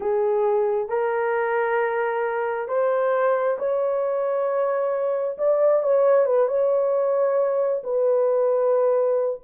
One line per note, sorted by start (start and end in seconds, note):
0.00 0.88 G#4
0.88 2.67 A#4
2.67 3.57 C5
3.58 5.37 C#5
5.38 5.82 D5
5.82 6.25 C#5
6.25 6.48 B4
6.48 7.82 C#5
7.83 9.40 B4